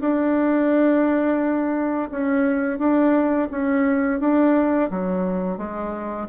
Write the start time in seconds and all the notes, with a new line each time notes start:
0.00 D4
2.11 C#4
2.78 D4
3.50 C#4
4.20 D4
4.90 F#3
5.57 G#3